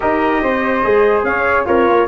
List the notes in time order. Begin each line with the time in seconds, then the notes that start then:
0.00 D#4 G4 A#4 D#5
0.42 C4 C5
0.83 G#3 G#4
1.23 C#4 C#5 F5
1.65 C4 F4 A#4 C#5
1.88 A#3